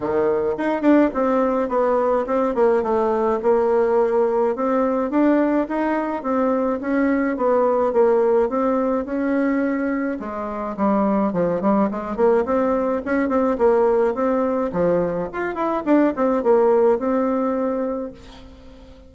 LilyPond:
\new Staff \with { instrumentName = "bassoon" } { \time 4/4 \tempo 4 = 106 dis4 dis'8 d'8 c'4 b4 | c'8 ais8 a4 ais2 | c'4 d'4 dis'4 c'4 | cis'4 b4 ais4 c'4 |
cis'2 gis4 g4 | f8 g8 gis8 ais8 c'4 cis'8 c'8 | ais4 c'4 f4 f'8 e'8 | d'8 c'8 ais4 c'2 | }